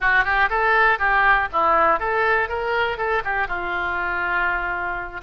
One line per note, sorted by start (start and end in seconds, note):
0.00 0.24 F#4
0.24 0.49 G4
0.49 0.98 A4
0.98 1.48 G4
1.52 1.99 E4
1.99 2.48 A4
2.48 2.97 A#4
2.97 3.22 A4
3.24 3.47 G4
3.47 5.21 F4